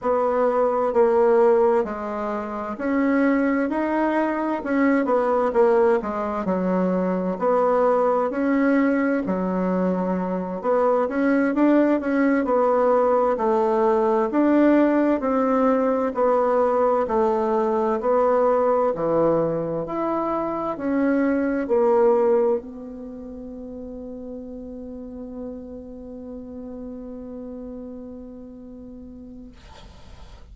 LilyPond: \new Staff \with { instrumentName = "bassoon" } { \time 4/4 \tempo 4 = 65 b4 ais4 gis4 cis'4 | dis'4 cis'8 b8 ais8 gis8 fis4 | b4 cis'4 fis4. b8 | cis'8 d'8 cis'8 b4 a4 d'8~ |
d'8 c'4 b4 a4 b8~ | b8 e4 e'4 cis'4 ais8~ | ais8 b2.~ b8~ | b1 | }